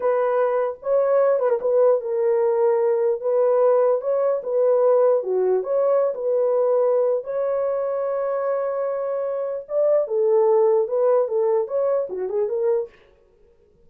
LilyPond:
\new Staff \with { instrumentName = "horn" } { \time 4/4 \tempo 4 = 149 b'2 cis''4. b'16 ais'16 | b'4 ais'2. | b'2 cis''4 b'4~ | b'4 fis'4 cis''4~ cis''16 b'8.~ |
b'2 cis''2~ | cis''1 | d''4 a'2 b'4 | a'4 cis''4 fis'8 gis'8 ais'4 | }